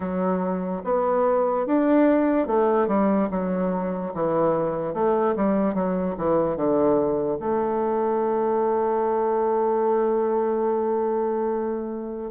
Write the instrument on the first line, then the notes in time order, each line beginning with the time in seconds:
bassoon
0.00 F#3
0.84 B3
1.66 D4
2.47 A3
2.87 G3
3.30 F#3
4.14 E3
4.94 A3
5.35 G3
5.74 F#3
6.17 E3
6.56 D3
7.39 A3